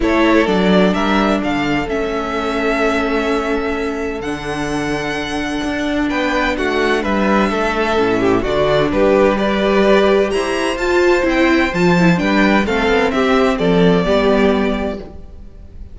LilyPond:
<<
  \new Staff \with { instrumentName = "violin" } { \time 4/4 \tempo 4 = 128 cis''4 d''4 e''4 f''4 | e''1~ | e''4 fis''2.~ | fis''4 g''4 fis''4 e''4~ |
e''2 d''4 b'4 | d''2 ais''4 a''4 | g''4 a''4 g''4 f''4 | e''4 d''2. | }
  \new Staff \with { instrumentName = "violin" } { \time 4/4 a'2 ais'4 a'4~ | a'1~ | a'1~ | a'4 b'4 fis'4 b'4 |
a'4. g'8 fis'4 g'4 | b'2 c''2~ | c''2 b'4 a'4 | g'4 a'4 g'2 | }
  \new Staff \with { instrumentName = "viola" } { \time 4/4 e'4 d'2. | cis'1~ | cis'4 d'2.~ | d'1~ |
d'4 cis'4 d'2 | g'2. f'4 | e'4 f'8 e'8 d'4 c'4~ | c'2 b2 | }
  \new Staff \with { instrumentName = "cello" } { \time 4/4 a4 fis4 g4 d4 | a1~ | a4 d2. | d'4 b4 a4 g4 |
a4 a,4 d4 g4~ | g2 e'4 f'4 | c'4 f4 g4 a8 b8 | c'4 f4 g2 | }
>>